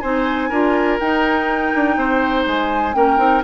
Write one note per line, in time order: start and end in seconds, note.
0.00 0.50 C4
0.00 0.51 D#4
0.00 0.49 C5
0.00 0.98 G#5
0.49 0.99 D4
0.49 1.00 F4
0.49 1.95 A#4
0.99 1.73 D#4
0.99 2.94 D#4
0.99 2.46 G5
1.74 1.96 D4
1.96 2.45 C4
1.96 2.96 C5
2.46 2.95 G#3
2.46 2.94 G#5
2.94 3.18 A#3
2.94 3.17 C#4
2.94 3.44 A#4
2.94 3.43 G5
3.17 3.42 C4
3.17 3.41 D#4